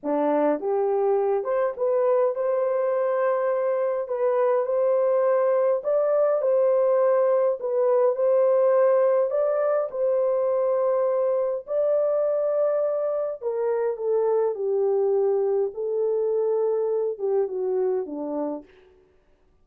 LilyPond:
\new Staff \with { instrumentName = "horn" } { \time 4/4 \tempo 4 = 103 d'4 g'4. c''8 b'4 | c''2. b'4 | c''2 d''4 c''4~ | c''4 b'4 c''2 |
d''4 c''2. | d''2. ais'4 | a'4 g'2 a'4~ | a'4. g'8 fis'4 d'4 | }